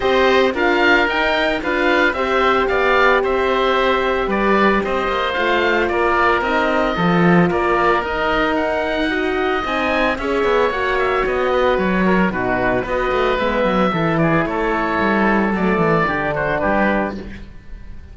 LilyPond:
<<
  \new Staff \with { instrumentName = "oboe" } { \time 4/4 \tempo 4 = 112 dis''4 f''4 g''4 f''4 | e''4 f''4 e''2 | d''4 dis''4 f''4 d''4 | dis''2 d''4 dis''4 |
fis''2 gis''4 e''4 | fis''8 e''8 dis''4 cis''4 b'4 | dis''4 e''4. d''8 cis''4~ | cis''4 d''4. c''8 b'4 | }
  \new Staff \with { instrumentName = "oboe" } { \time 4/4 c''4 ais'2 b'4 | c''4 d''4 c''2 | b'4 c''2 ais'4~ | ais'4 a'4 ais'2~ |
ais'4 dis''2 cis''4~ | cis''4. b'4 ais'8 fis'4 | b'2 a'8 gis'8 a'4~ | a'2 g'8 fis'8 g'4 | }
  \new Staff \with { instrumentName = "horn" } { \time 4/4 g'4 f'4 dis'4 f'4 | g'1~ | g'2 f'2 | dis'4 f'2 dis'4~ |
dis'4 fis'4 dis'4 gis'4 | fis'2. dis'4 | fis'4 b4 e'2~ | e'4 a4 d'2 | }
  \new Staff \with { instrumentName = "cello" } { \time 4/4 c'4 d'4 dis'4 d'4 | c'4 b4 c'2 | g4 c'8 ais8 a4 ais4 | c'4 f4 ais4 dis'4~ |
dis'2 c'4 cis'8 b8 | ais4 b4 fis4 b,4 | b8 a8 gis8 fis8 e4 a4 | g4 fis8 e8 d4 g4 | }
>>